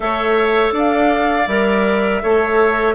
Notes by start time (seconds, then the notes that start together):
0.00 A3 A4 C#5 E5
0.71 D4 D5
0.78 F5
1.47 G3 A#4 E5
2.22 A3 A4 C#5